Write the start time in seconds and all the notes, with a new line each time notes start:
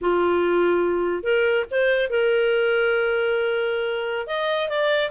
0.01 F4
1.23 A#4
1.70 C5
2.09 A#4
4.27 D#5
4.68 D5